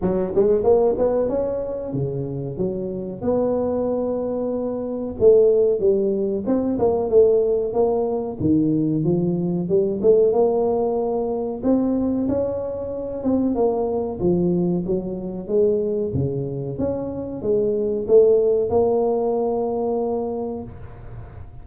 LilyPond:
\new Staff \with { instrumentName = "tuba" } { \time 4/4 \tempo 4 = 93 fis8 gis8 ais8 b8 cis'4 cis4 | fis4 b2. | a4 g4 c'8 ais8 a4 | ais4 dis4 f4 g8 a8 |
ais2 c'4 cis'4~ | cis'8 c'8 ais4 f4 fis4 | gis4 cis4 cis'4 gis4 | a4 ais2. | }